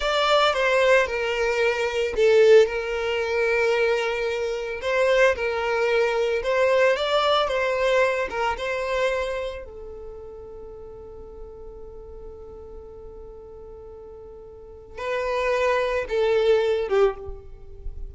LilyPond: \new Staff \with { instrumentName = "violin" } { \time 4/4 \tempo 4 = 112 d''4 c''4 ais'2 | a'4 ais'2.~ | ais'4 c''4 ais'2 | c''4 d''4 c''4. ais'8 |
c''2 a'2~ | a'1~ | a'1 | b'2 a'4. g'8 | }